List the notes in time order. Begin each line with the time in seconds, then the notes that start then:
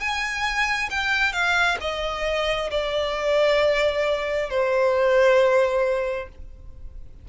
0.00 G#5
0.90 G5
1.32 F5
1.80 D#5
2.70 D5
4.49 C5